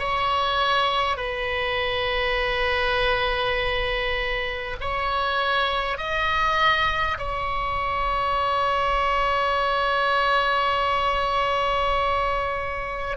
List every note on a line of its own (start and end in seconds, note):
0.00 1.17 C#5
1.17 4.77 B4
4.81 5.98 C#5
5.98 7.18 D#5
7.18 13.18 C#5